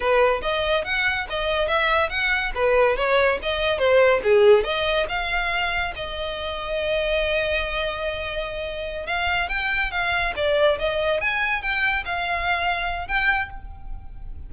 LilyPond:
\new Staff \with { instrumentName = "violin" } { \time 4/4 \tempo 4 = 142 b'4 dis''4 fis''4 dis''4 | e''4 fis''4 b'4 cis''4 | dis''4 c''4 gis'4 dis''4 | f''2 dis''2~ |
dis''1~ | dis''4. f''4 g''4 f''8~ | f''8 d''4 dis''4 gis''4 g''8~ | g''8 f''2~ f''8 g''4 | }